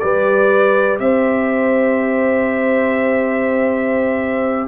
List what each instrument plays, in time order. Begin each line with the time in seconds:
0.00 tuba G3, trombone G4, horn B4, trumpet D5
1.00 tuba C4, horn C5, trumpet E5